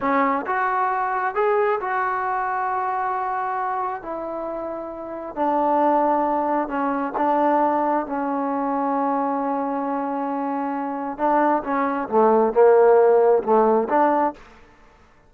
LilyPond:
\new Staff \with { instrumentName = "trombone" } { \time 4/4 \tempo 4 = 134 cis'4 fis'2 gis'4 | fis'1~ | fis'4 e'2. | d'2. cis'4 |
d'2 cis'2~ | cis'1~ | cis'4 d'4 cis'4 a4 | ais2 a4 d'4 | }